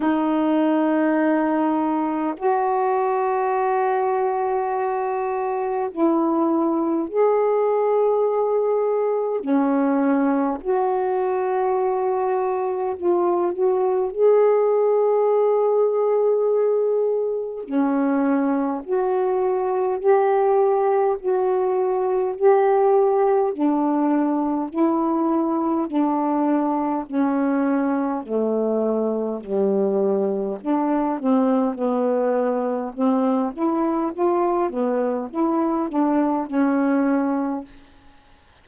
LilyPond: \new Staff \with { instrumentName = "saxophone" } { \time 4/4 \tempo 4 = 51 dis'2 fis'2~ | fis'4 e'4 gis'2 | cis'4 fis'2 f'8 fis'8 | gis'2. cis'4 |
fis'4 g'4 fis'4 g'4 | d'4 e'4 d'4 cis'4 | a4 g4 d'8 c'8 b4 | c'8 e'8 f'8 b8 e'8 d'8 cis'4 | }